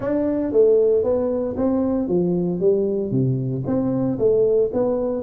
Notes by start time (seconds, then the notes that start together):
0.00 D4
0.51 A3
1.03 B3
1.57 C4
2.08 F3
2.60 G3
3.11 C3
3.66 C4
4.18 A3
4.73 B3